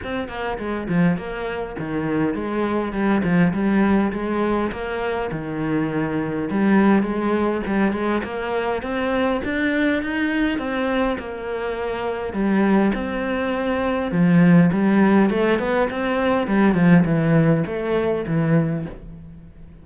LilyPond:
\new Staff \with { instrumentName = "cello" } { \time 4/4 \tempo 4 = 102 c'8 ais8 gis8 f8 ais4 dis4 | gis4 g8 f8 g4 gis4 | ais4 dis2 g4 | gis4 g8 gis8 ais4 c'4 |
d'4 dis'4 c'4 ais4~ | ais4 g4 c'2 | f4 g4 a8 b8 c'4 | g8 f8 e4 a4 e4 | }